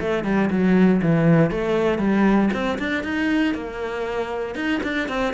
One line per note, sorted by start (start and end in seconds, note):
0.00 0.24 A3
0.24 0.49 G3
0.50 1.01 F#3
1.02 1.51 E3
1.51 1.98 A3
1.98 2.49 G3
2.53 2.78 C4
2.79 3.03 D4
3.03 3.54 D#4
3.54 4.55 A#3
4.55 4.80 D#4
4.83 5.08 D4
5.08 5.33 C4